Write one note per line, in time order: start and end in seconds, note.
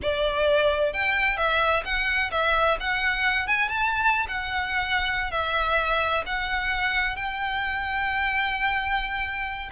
0.02 0.93 D5
0.93 1.37 G5
1.37 1.83 E5
1.84 2.31 F#5
2.31 2.77 E5
2.79 3.47 F#5
3.47 3.68 G#5
3.68 4.26 A5
4.28 5.31 F#5
5.31 6.23 E5
6.26 7.16 F#5
7.16 9.69 G5